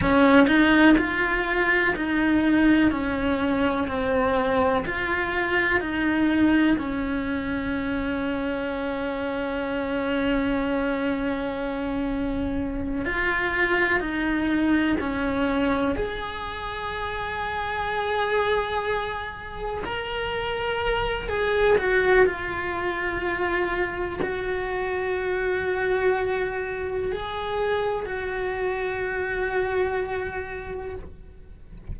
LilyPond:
\new Staff \with { instrumentName = "cello" } { \time 4/4 \tempo 4 = 62 cis'8 dis'8 f'4 dis'4 cis'4 | c'4 f'4 dis'4 cis'4~ | cis'1~ | cis'4. f'4 dis'4 cis'8~ |
cis'8 gis'2.~ gis'8~ | gis'8 ais'4. gis'8 fis'8 f'4~ | f'4 fis'2. | gis'4 fis'2. | }